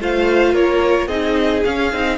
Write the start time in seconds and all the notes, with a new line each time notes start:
0.00 A3 F4 C5 F5
0.54 A#3 A#4 C#5
1.08 C4 D#4 G#4 D#5
1.65 C#4 F5
1.93 C4 D#4